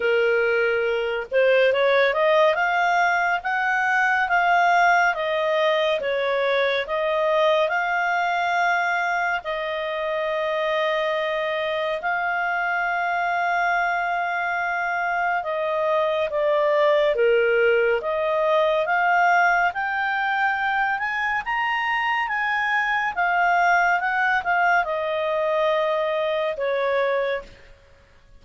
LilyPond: \new Staff \with { instrumentName = "clarinet" } { \time 4/4 \tempo 4 = 70 ais'4. c''8 cis''8 dis''8 f''4 | fis''4 f''4 dis''4 cis''4 | dis''4 f''2 dis''4~ | dis''2 f''2~ |
f''2 dis''4 d''4 | ais'4 dis''4 f''4 g''4~ | g''8 gis''8 ais''4 gis''4 f''4 | fis''8 f''8 dis''2 cis''4 | }